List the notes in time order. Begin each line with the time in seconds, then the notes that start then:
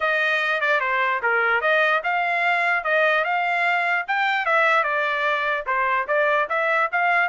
0.00 D#5
0.60 D5
0.80 C5
1.22 A#4
1.61 D#5
2.03 F5
2.84 D#5
3.24 F5
4.07 G5
4.45 E5
4.83 D5
5.66 C5
6.07 D5
6.49 E5
6.92 F5